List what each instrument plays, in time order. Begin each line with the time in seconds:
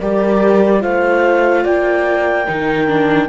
0.00 cello G3, viola G4, horn A#4, clarinet D5
0.80 cello A3, viola F4, horn C5, clarinet F5
1.64 cello A#3, horn D5, clarinet G5
2.46 cello D#3, viola D#4, horn A#4
2.88 viola D4